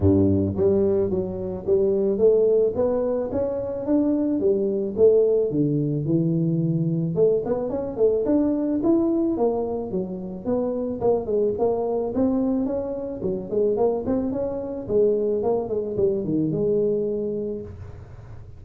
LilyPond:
\new Staff \with { instrumentName = "tuba" } { \time 4/4 \tempo 4 = 109 g,4 g4 fis4 g4 | a4 b4 cis'4 d'4 | g4 a4 d4 e4~ | e4 a8 b8 cis'8 a8 d'4 |
e'4 ais4 fis4 b4 | ais8 gis8 ais4 c'4 cis'4 | fis8 gis8 ais8 c'8 cis'4 gis4 | ais8 gis8 g8 dis8 gis2 | }